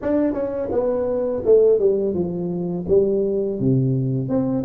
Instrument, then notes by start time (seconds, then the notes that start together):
tuba
0.02 D4
0.33 C#4
0.71 B3
1.44 A3
1.79 G3
2.14 F3
2.88 G3
3.59 C3
4.28 C4